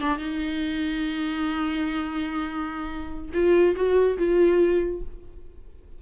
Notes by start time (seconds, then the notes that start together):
0.00 D4
0.18 D#4
3.33 F4
3.76 F#4
4.18 F4